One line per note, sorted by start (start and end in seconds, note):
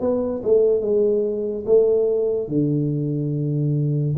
0.00 0.42 B3
0.43 0.81 A3
0.81 1.64 G#3
1.66 2.48 A3
2.48 4.15 D3